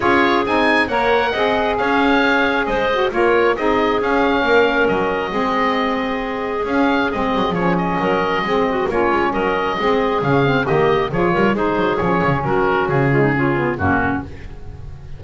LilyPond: <<
  \new Staff \with { instrumentName = "oboe" } { \time 4/4 \tempo 4 = 135 cis''4 gis''4 fis''2 | f''2 dis''4 cis''4 | dis''4 f''2 dis''4~ | dis''2. f''4 |
dis''4 cis''8 dis''2~ dis''8 | cis''4 dis''2 f''4 | dis''4 cis''4 c''4 cis''4 | ais'4 gis'2 fis'4 | }
  \new Staff \with { instrumentName = "clarinet" } { \time 4/4 gis'2 cis''4 dis''4 | cis''2 c''4 ais'4 | gis'2 ais'2 | gis'1~ |
gis'2 ais'4 gis'8 fis'8 | f'4 ais'4 gis'2 | g'4 gis'8 ais'8 gis'2 | fis'4. f'16 dis'16 f'4 cis'4 | }
  \new Staff \with { instrumentName = "saxophone" } { \time 4/4 f'4 dis'4 ais'4 gis'4~ | gis'2~ gis'8 fis'8 f'4 | dis'4 cis'2. | c'2. cis'4 |
c'4 cis'2 c'4 | cis'2 c'4 cis'8 c'8 | ais4 f'4 dis'4 cis'4~ | cis'4. gis8 cis'8 b8 ais4 | }
  \new Staff \with { instrumentName = "double bass" } { \time 4/4 cis'4 c'4 ais4 c'4 | cis'2 gis4 ais4 | c'4 cis'4 ais4 fis4 | gis2. cis'4 |
gis8 fis8 f4 fis4 gis4 | ais8 gis8 fis4 gis4 cis4 | dis4 f8 g8 gis8 fis8 f8 cis8 | fis4 cis2 fis,4 | }
>>